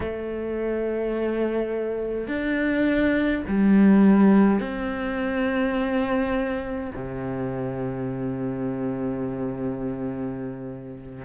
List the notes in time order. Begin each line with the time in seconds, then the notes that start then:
0.00 A3
2.27 D4
3.48 G3
4.59 C4
6.95 C3